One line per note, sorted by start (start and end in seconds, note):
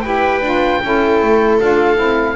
0.00 0.41 E4
0.00 0.42 G4
0.00 0.81 B4
0.00 1.56 G5
0.41 0.80 D4
0.41 0.82 F4
0.83 1.22 C#4
0.83 1.60 E4
0.83 2.36 A4
1.22 1.61 A3
1.59 1.97 D4
1.59 1.95 F4
1.59 2.36 F5
1.95 2.36 C4
1.95 2.34 E4